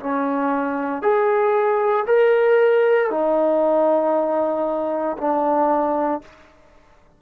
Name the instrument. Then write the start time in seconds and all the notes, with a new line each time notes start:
trombone
0.00 C#4
1.02 G#4
2.06 A#4
3.10 D#4
5.18 D4